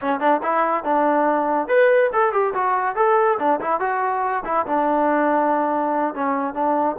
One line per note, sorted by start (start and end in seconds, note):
0.01 0.19 C#4
0.19 0.41 D4
0.42 0.83 E4
0.83 1.68 D4
1.68 2.10 B4
2.12 2.32 A4
2.32 2.53 G4
2.54 2.95 F#4
2.95 3.38 A4
3.39 3.60 D4
3.60 3.80 E4
3.80 4.43 F#4
4.45 4.66 E4
4.66 6.14 D4
6.14 6.53 C#4
6.53 6.96 D4